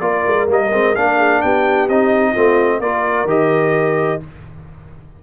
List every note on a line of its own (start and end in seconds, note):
0.00 0.24 A#3
0.00 0.48 F4
0.00 1.17 A#4
0.00 0.47 D5
0.27 0.49 G#3
0.48 0.72 G3
0.48 0.72 A#3
0.48 0.95 D#5
0.72 0.95 G#3
0.72 0.95 C4
0.95 1.43 A#3
0.95 1.89 D4
0.95 1.42 F5
1.17 1.40 G#4
1.42 1.89 B3
1.42 2.32 G4
1.42 1.88 G5
1.89 2.35 C4
1.89 2.36 D#4
1.89 2.81 D#5
2.32 2.80 A3
2.32 2.82 C4
2.32 2.78 F4
2.80 3.25 A#3
2.80 3.27 F4
2.80 4.24 A#4
2.80 3.28 D5
3.25 4.18 D#3
3.25 4.20 G4
3.25 4.22 D#5